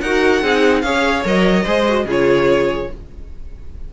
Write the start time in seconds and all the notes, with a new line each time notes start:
0.00 D#4 F#4 A#4 F#5
0.41 C4 D#4 G#4
0.81 C#4 G#4 C#5 F5
1.24 F#3 A#4 D#5
1.64 G#3 G#4 C5
1.87 F#4
2.05 C#3 F4 G#4 C#5